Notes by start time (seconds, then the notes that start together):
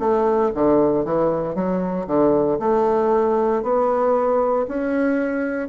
0.00 A3
0.55 D3
1.05 E3
1.55 F#3
2.07 D3
2.60 A3
3.63 B3
4.68 C#4